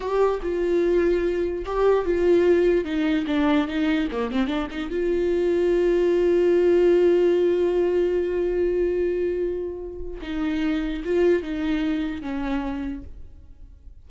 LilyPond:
\new Staff \with { instrumentName = "viola" } { \time 4/4 \tempo 4 = 147 g'4 f'2. | g'4 f'2 dis'4 | d'4 dis'4 ais8 c'8 d'8 dis'8 | f'1~ |
f'1~ | f'1~ | f'4 dis'2 f'4 | dis'2 cis'2 | }